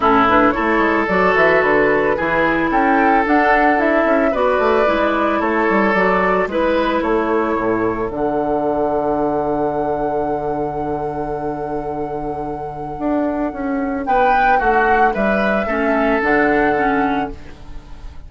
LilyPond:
<<
  \new Staff \with { instrumentName = "flute" } { \time 4/4 \tempo 4 = 111 a'8 b'8 cis''4 d''8 e''8 b'4~ | b'4 g''4 fis''4 e''4 | d''2 cis''4 d''4 | b'4 cis''2 fis''4~ |
fis''1~ | fis''1~ | fis''2 g''4 fis''4 | e''2 fis''2 | }
  \new Staff \with { instrumentName = "oboe" } { \time 4/4 e'4 a'2. | gis'4 a'2. | b'2 a'2 | b'4 a'2.~ |
a'1~ | a'1~ | a'2 b'4 fis'4 | b'4 a'2. | }
  \new Staff \with { instrumentName = "clarinet" } { \time 4/4 cis'8 d'8 e'4 fis'2 | e'2 d'4 e'4 | fis'4 e'2 fis'4 | e'2. d'4~ |
d'1~ | d'1~ | d'1~ | d'4 cis'4 d'4 cis'4 | }
  \new Staff \with { instrumentName = "bassoon" } { \time 4/4 a,4 a8 gis8 fis8 e8 d4 | e4 cis'4 d'4. cis'8 | b8 a8 gis4 a8 g8 fis4 | gis4 a4 a,4 d4~ |
d1~ | d1 | d'4 cis'4 b4 a4 | g4 a4 d2 | }
>>